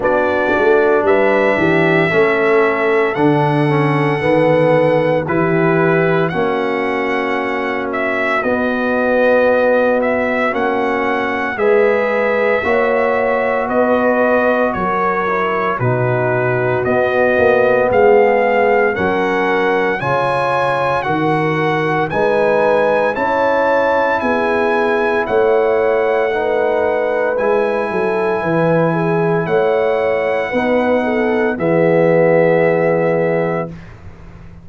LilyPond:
<<
  \new Staff \with { instrumentName = "trumpet" } { \time 4/4 \tempo 4 = 57 d''4 e''2 fis''4~ | fis''4 b'4 fis''4. e''8 | dis''4. e''8 fis''4 e''4~ | e''4 dis''4 cis''4 b'4 |
dis''4 f''4 fis''4 gis''4 | fis''4 gis''4 a''4 gis''4 | fis''2 gis''2 | fis''2 e''2 | }
  \new Staff \with { instrumentName = "horn" } { \time 4/4 fis'4 b'8 g'8 a'2~ | a'4 g'4 fis'2~ | fis'2. b'4 | cis''4 b'4 ais'4 fis'4~ |
fis'4 gis'4 ais'4 cis''4 | ais'4 b'4 cis''4 gis'4 | cis''4 b'4. a'8 b'8 gis'8 | cis''4 b'8 a'8 gis'2 | }
  \new Staff \with { instrumentName = "trombone" } { \time 4/4 d'2 cis'4 d'8 cis'8 | b4 e'4 cis'2 | b2 cis'4 gis'4 | fis'2~ fis'8 e'8 dis'4 |
b2 cis'4 f'4 | fis'4 dis'4 e'2~ | e'4 dis'4 e'2~ | e'4 dis'4 b2 | }
  \new Staff \with { instrumentName = "tuba" } { \time 4/4 b8 a8 g8 e8 a4 d4 | dis4 e4 ais2 | b2 ais4 gis4 | ais4 b4 fis4 b,4 |
b8 ais8 gis4 fis4 cis4 | dis4 gis4 cis'4 b4 | a2 gis8 fis8 e4 | a4 b4 e2 | }
>>